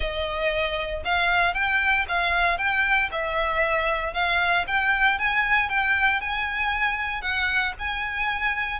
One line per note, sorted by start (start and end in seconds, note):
0.00 1.03 D#5
1.04 1.54 F5
1.54 2.05 G5
2.08 2.58 F5
2.58 3.09 G5
3.11 4.13 E5
4.13 4.65 F5
4.67 5.18 G5
5.19 5.69 G#5
5.69 6.20 G5
6.20 7.21 G#5
7.21 7.73 F#5
7.78 8.80 G#5